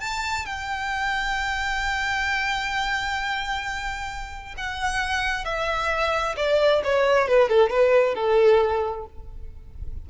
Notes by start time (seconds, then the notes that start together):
0.00 A5
0.46 G5
4.57 F#5
5.45 E5
6.37 D5
6.84 C#5
7.28 B4
7.49 A4
7.70 B4
8.15 A4